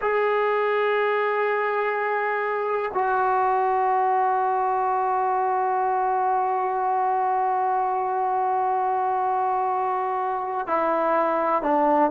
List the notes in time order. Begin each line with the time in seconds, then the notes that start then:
0.01 G#4
2.94 F#4
10.67 E4
11.62 D4